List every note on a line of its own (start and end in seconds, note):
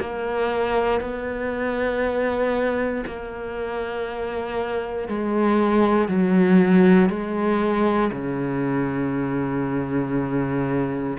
0.00 1.01 A#3
1.01 3.04 B3
3.06 5.08 A#3
5.08 6.08 G#3
6.08 7.10 F#3
7.10 8.11 G#3
8.12 11.17 C#3